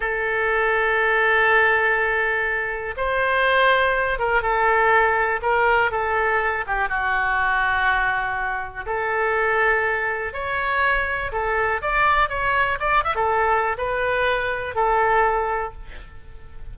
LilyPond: \new Staff \with { instrumentName = "oboe" } { \time 4/4 \tempo 4 = 122 a'1~ | a'2 c''2~ | c''8 ais'8 a'2 ais'4 | a'4. g'8 fis'2~ |
fis'2 a'2~ | a'4 cis''2 a'4 | d''4 cis''4 d''8 e''16 a'4~ a'16 | b'2 a'2 | }